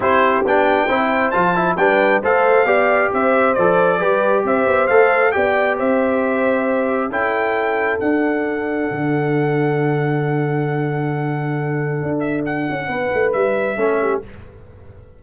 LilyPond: <<
  \new Staff \with { instrumentName = "trumpet" } { \time 4/4 \tempo 4 = 135 c''4 g''2 a''4 | g''4 f''2 e''4 | d''2 e''4 f''4 | g''4 e''2. |
g''2 fis''2~ | fis''1~ | fis''2.~ fis''8 e''8 | fis''2 e''2 | }
  \new Staff \with { instrumentName = "horn" } { \time 4/4 g'2 c''2 | b'4 c''4 d''4 c''4~ | c''4 b'4 c''2 | d''4 c''2. |
a'1~ | a'1~ | a'1~ | a'4 b'2 a'8 g'8 | }
  \new Staff \with { instrumentName = "trombone" } { \time 4/4 e'4 d'4 e'4 f'8 e'8 | d'4 a'4 g'2 | a'4 g'2 a'4 | g'1 |
e'2 d'2~ | d'1~ | d'1~ | d'2. cis'4 | }
  \new Staff \with { instrumentName = "tuba" } { \time 4/4 c'4 b4 c'4 f4 | g4 a4 b4 c'4 | f4 g4 c'8 b8 a4 | b4 c'2. |
cis'2 d'2 | d1~ | d2. d'4~ | d'8 cis'8 b8 a8 g4 a4 | }
>>